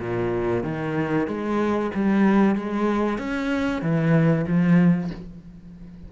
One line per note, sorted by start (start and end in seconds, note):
0.00 0.64 A#2
0.64 1.27 D#3
1.27 1.91 G#3
1.95 2.56 G3
2.56 3.19 G#3
3.19 3.82 C#4
3.82 4.46 E3
4.47 5.11 F3